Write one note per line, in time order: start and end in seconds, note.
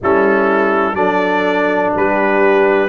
0.01 0.93 G3
0.01 0.95 C#4
0.01 0.96 E4
0.01 0.95 A4
0.93 1.90 F#3
0.93 2.89 D4
0.93 1.92 A4
0.93 1.92 D5
1.94 2.89 G3
1.94 2.89 G4
1.94 2.89 B4